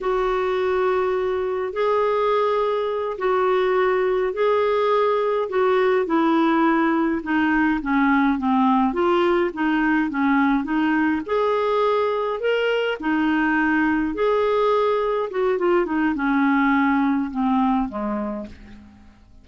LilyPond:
\new Staff \with { instrumentName = "clarinet" } { \time 4/4 \tempo 4 = 104 fis'2. gis'4~ | gis'4. fis'2 gis'8~ | gis'4. fis'4 e'4.~ | e'8 dis'4 cis'4 c'4 f'8~ |
f'8 dis'4 cis'4 dis'4 gis'8~ | gis'4. ais'4 dis'4.~ | dis'8 gis'2 fis'8 f'8 dis'8 | cis'2 c'4 gis4 | }